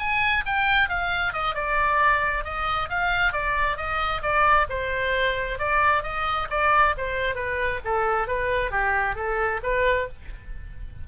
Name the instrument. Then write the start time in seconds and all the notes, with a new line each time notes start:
oboe
0.00 G#5
0.46 G5
0.90 F5
1.34 D#5
1.55 D5
2.45 D#5
2.90 F5
3.33 D5
3.77 D#5
4.22 D5
4.70 C5
5.59 D5
6.04 D#5
6.51 D5
6.98 C5
7.36 B4
7.85 A4
8.28 B4
8.72 G4
9.16 A4
9.63 B4